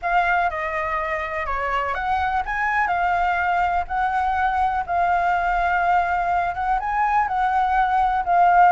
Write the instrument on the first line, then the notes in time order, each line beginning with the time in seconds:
flute
0.02 F5
0.50 D#5
1.46 C#5
1.94 F#5
2.45 G#5
2.87 F5
3.87 F#5
4.86 F5
6.54 F#5
6.79 G#5
7.27 F#5
8.24 F5